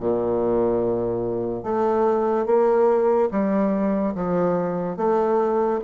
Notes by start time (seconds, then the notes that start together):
0.00 A#2
1.63 A3
2.46 A#3
3.31 G3
4.15 F3
4.97 A3